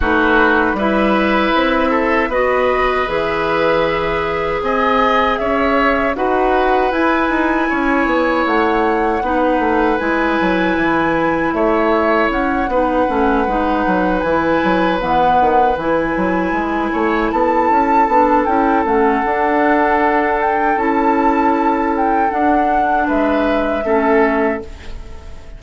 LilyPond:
<<
  \new Staff \with { instrumentName = "flute" } { \time 4/4 \tempo 4 = 78 b'4 e''2 dis''4 | e''2 gis''4 e''4 | fis''4 gis''2 fis''4~ | fis''4 gis''2 e''4 |
fis''2~ fis''8 gis''4 fis''8~ | fis''8 gis''2 a''4. | g''8 fis''2 g''8 a''4~ | a''8 g''8 fis''4 e''2 | }
  \new Staff \with { instrumentName = "oboe" } { \time 4/4 fis'4 b'4. a'8 b'4~ | b'2 dis''4 cis''4 | b'2 cis''2 | b'2. cis''4~ |
cis''8 b'2.~ b'8~ | b'2 cis''8 a'4.~ | a'1~ | a'2 b'4 a'4 | }
  \new Staff \with { instrumentName = "clarinet" } { \time 4/4 dis'4 e'2 fis'4 | gis'1 | fis'4 e'2. | dis'4 e'2.~ |
e'8 dis'8 cis'8 dis'4 e'4 b8~ | b8 e'2. d'8 | e'8 cis'8 d'2 e'4~ | e'4 d'2 cis'4 | }
  \new Staff \with { instrumentName = "bassoon" } { \time 4/4 a4 g4 c'4 b4 | e2 c'4 cis'4 | dis'4 e'8 dis'8 cis'8 b8 a4 | b8 a8 gis8 fis8 e4 a4 |
cis'8 b8 a8 gis8 fis8 e8 fis8 e8 | dis8 e8 fis8 gis8 a8 b8 cis'8 b8 | cis'8 a8 d'2 cis'4~ | cis'4 d'4 gis4 a4 | }
>>